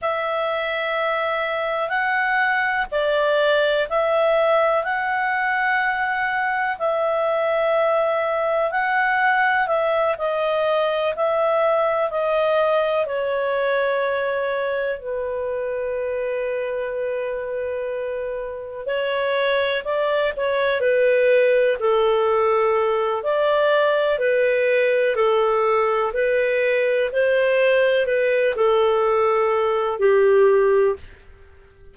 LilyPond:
\new Staff \with { instrumentName = "clarinet" } { \time 4/4 \tempo 4 = 62 e''2 fis''4 d''4 | e''4 fis''2 e''4~ | e''4 fis''4 e''8 dis''4 e''8~ | e''8 dis''4 cis''2 b'8~ |
b'2.~ b'8 cis''8~ | cis''8 d''8 cis''8 b'4 a'4. | d''4 b'4 a'4 b'4 | c''4 b'8 a'4. g'4 | }